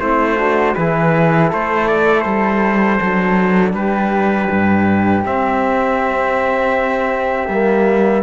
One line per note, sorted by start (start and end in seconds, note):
0.00 0.75 A3
0.00 0.38 C4
0.00 0.36 E4
0.00 0.75 C5
0.36 0.75 D4
0.36 0.74 F#4
0.75 1.52 E3
0.75 3.01 E4
0.75 1.49 G#4
0.75 1.50 B4
1.49 2.25 A3
1.49 3.74 A4
1.49 1.88 C5
1.88 2.21 D5
2.21 3.00 G3
2.21 3.71 C5
3.01 3.73 F#3
3.01 5.25 D4
3.73 4.48 G3
3.73 8.23 G4
3.73 5.24 B4
4.51 5.26 G2
5.25 7.50 C4
5.25 7.48 C4
5.25 8.23 E5
7.48 8.23 G3
7.48 8.23 A#3